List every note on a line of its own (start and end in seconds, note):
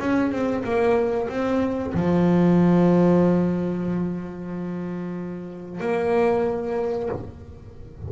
0.00 0.32 C#4
0.32 0.64 C4
0.65 1.29 A#3
1.29 1.94 C4
1.94 5.81 F3
5.81 7.10 A#3